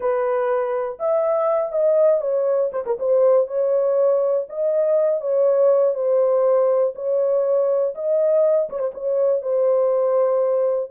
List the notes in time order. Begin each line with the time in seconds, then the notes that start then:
0.00 B4
0.99 E5
1.72 D#5
2.21 C#5
2.72 C5
2.86 A#4
2.99 C5
3.47 C#5
4.49 D#5
5.21 C#5
5.94 C5
6.95 C#5
7.95 D#5
8.69 C#5
8.79 C5
8.94 C#5
9.41 C5